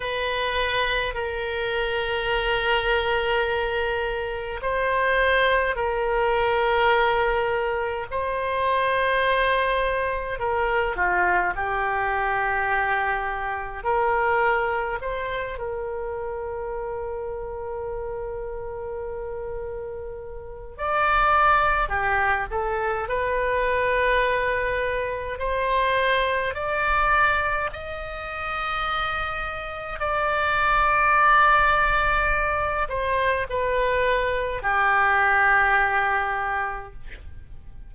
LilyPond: \new Staff \with { instrumentName = "oboe" } { \time 4/4 \tempo 4 = 52 b'4 ais'2. | c''4 ais'2 c''4~ | c''4 ais'8 f'8 g'2 | ais'4 c''8 ais'2~ ais'8~ |
ais'2 d''4 g'8 a'8 | b'2 c''4 d''4 | dis''2 d''2~ | d''8 c''8 b'4 g'2 | }